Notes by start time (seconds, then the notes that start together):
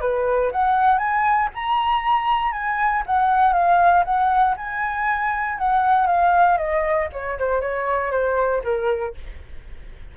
0.00 B4
0.51 F#5
0.98 G#5
1.54 A#5
2.52 G#5
3.06 F#5
3.52 F5
4.04 F#5
4.56 G#5
5.58 F#5
6.06 F5
6.57 D#5
7.12 C#5
7.38 C5
7.60 C#5
8.11 C5
8.63 A#4